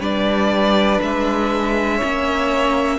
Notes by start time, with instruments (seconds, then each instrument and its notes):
0.00 cello G3, viola D4, violin B4 D5
1.02 cello G#3, violin E5
1.97 viola C#4, violin C#5
2.04 cello A#3